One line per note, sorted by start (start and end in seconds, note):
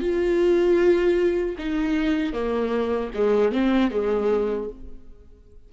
0.00 1.56 F4
1.58 2.33 D#4
2.33 3.11 A#3
3.14 3.52 G#3
3.52 3.91 C4
3.91 4.69 G#3